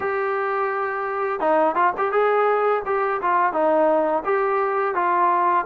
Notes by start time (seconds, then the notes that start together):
0.00 G4
1.40 D#4
1.75 F4
1.97 G4
2.11 G#4
2.85 G4
3.21 F4
3.52 D#4
4.24 G4
4.94 F4